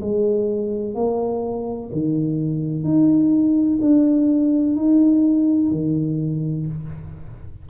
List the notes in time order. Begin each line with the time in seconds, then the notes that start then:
0.00 G#3
0.94 A#3
1.92 D#3
2.83 D#4
3.81 D4
4.75 D#4
5.71 D#3